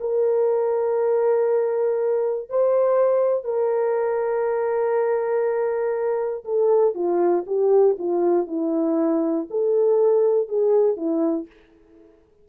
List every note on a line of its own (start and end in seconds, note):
0.00 2.49 A#4
2.49 3.44 C5
3.44 6.44 A#4
6.44 6.94 A4
6.95 7.45 F4
7.46 7.96 G4
7.99 8.47 F4
8.47 9.47 E4
9.50 10.48 A4
10.48 10.96 G#4
10.96 11.46 E4